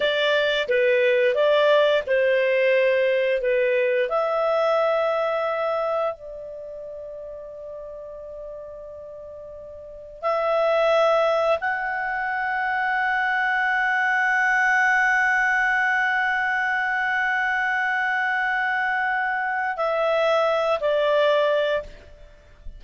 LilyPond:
\new Staff \with { instrumentName = "clarinet" } { \time 4/4 \tempo 4 = 88 d''4 b'4 d''4 c''4~ | c''4 b'4 e''2~ | e''4 d''2.~ | d''2. e''4~ |
e''4 fis''2.~ | fis''1~ | fis''1~ | fis''4 e''4. d''4. | }